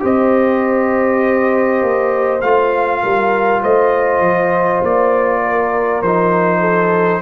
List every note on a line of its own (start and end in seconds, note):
0.00 1.82 C4
0.00 2.40 G4
0.00 3.02 C5
0.00 2.42 D#5
1.82 2.42 A#3
2.42 3.03 A3
2.42 6.04 F4
2.42 3.62 F5
3.02 3.63 G3
3.02 3.62 A#4
3.62 4.20 A3
3.62 5.42 C5
3.62 4.83 D#5
4.20 4.80 F3
4.83 6.02 A#3
4.83 6.03 D5
5.45 6.60 A#4
6.02 7.22 F3
6.02 7.22 D#4
6.02 7.22 C5
6.60 7.20 A4